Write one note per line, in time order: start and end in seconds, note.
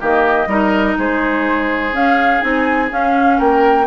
0.00 0.46 D#3
0.00 0.48 A#3
0.00 0.48 G4
0.00 0.98 D#5
0.46 0.95 G3
0.46 1.93 D#4
0.46 0.98 A#4
0.98 1.92 G#3
0.98 3.38 G#4
0.98 1.95 C5
1.92 2.41 C#4
1.92 2.41 F5
2.41 2.91 C4
2.41 2.89 D#4
2.41 2.89 G#5
2.89 3.86 C#4
2.89 3.39 C#4
2.89 3.40 F5
3.38 3.86 A#3
3.38 3.86 A#4
3.38 3.86 G5